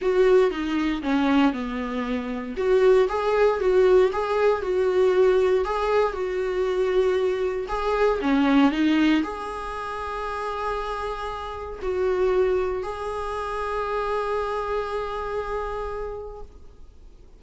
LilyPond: \new Staff \with { instrumentName = "viola" } { \time 4/4 \tempo 4 = 117 fis'4 dis'4 cis'4 b4~ | b4 fis'4 gis'4 fis'4 | gis'4 fis'2 gis'4 | fis'2. gis'4 |
cis'4 dis'4 gis'2~ | gis'2. fis'4~ | fis'4 gis'2.~ | gis'1 | }